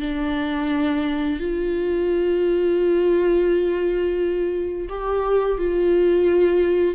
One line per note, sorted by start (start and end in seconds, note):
0.00 1.40 D4
1.40 4.88 F4
4.89 5.58 G4
5.58 6.95 F4